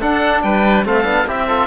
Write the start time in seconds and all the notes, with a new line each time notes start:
0.00 D4 A4 F#5
0.42 G3 B4 G5
0.85 A3 C4 A4 F5
1.03 B3 D4
1.27 C4 E4 G4 E5
1.47 F4 A4